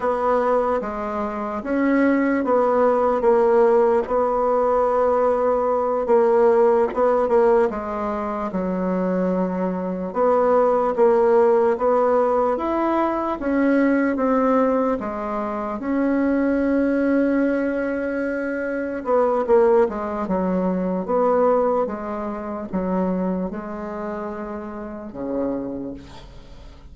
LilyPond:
\new Staff \with { instrumentName = "bassoon" } { \time 4/4 \tempo 4 = 74 b4 gis4 cis'4 b4 | ais4 b2~ b8 ais8~ | ais8 b8 ais8 gis4 fis4.~ | fis8 b4 ais4 b4 e'8~ |
e'8 cis'4 c'4 gis4 cis'8~ | cis'2.~ cis'8 b8 | ais8 gis8 fis4 b4 gis4 | fis4 gis2 cis4 | }